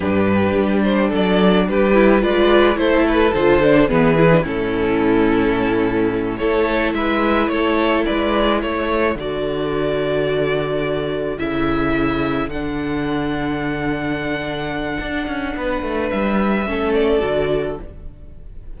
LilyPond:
<<
  \new Staff \with { instrumentName = "violin" } { \time 4/4 \tempo 4 = 108 b'4. c''8 d''4 b'4 | d''4 c''8 b'8 c''4 b'4 | a'2.~ a'8 cis''8~ | cis''8 e''4 cis''4 d''4 cis''8~ |
cis''8 d''2.~ d''8~ | d''8 e''2 fis''4.~ | fis''1~ | fis''4 e''4. d''4. | }
  \new Staff \with { instrumentName = "violin" } { \time 4/4 g'2 a'4 g'4 | b'4 a'2 gis'4 | e'2.~ e'8 a'8~ | a'8 b'4 a'4 b'4 a'8~ |
a'1~ | a'1~ | a'1 | b'2 a'2 | }
  \new Staff \with { instrumentName = "viola" } { \time 4/4 d'2.~ d'8 e'8 | f'4 e'4 f'8 d'8 b8 e'16 d'16 | cis'2.~ cis'8 e'8~ | e'1~ |
e'8 fis'2.~ fis'8~ | fis'8 e'2 d'4.~ | d'1~ | d'2 cis'4 fis'4 | }
  \new Staff \with { instrumentName = "cello" } { \time 4/4 g,4 g4 fis4 g4 | gis4 a4 d4 e4 | a,2.~ a,8 a8~ | a8 gis4 a4 gis4 a8~ |
a8 d2.~ d8~ | d8 cis2 d4.~ | d2. d'8 cis'8 | b8 a8 g4 a4 d4 | }
>>